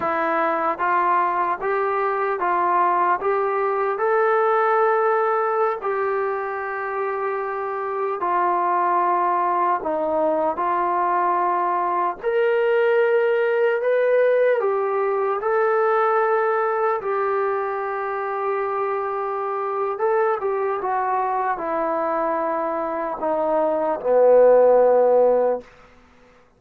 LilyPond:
\new Staff \with { instrumentName = "trombone" } { \time 4/4 \tempo 4 = 75 e'4 f'4 g'4 f'4 | g'4 a'2~ a'16 g'8.~ | g'2~ g'16 f'4.~ f'16~ | f'16 dis'4 f'2 ais'8.~ |
ais'4~ ais'16 b'4 g'4 a'8.~ | a'4~ a'16 g'2~ g'8.~ | g'4 a'8 g'8 fis'4 e'4~ | e'4 dis'4 b2 | }